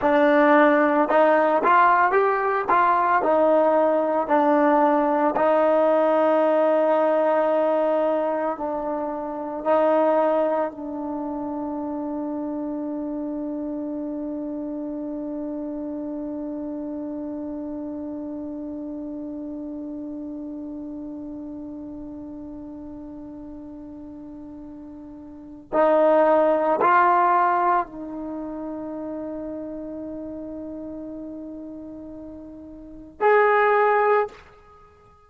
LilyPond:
\new Staff \with { instrumentName = "trombone" } { \time 4/4 \tempo 4 = 56 d'4 dis'8 f'8 g'8 f'8 dis'4 | d'4 dis'2. | d'4 dis'4 d'2~ | d'1~ |
d'1~ | d'1 | dis'4 f'4 dis'2~ | dis'2. gis'4 | }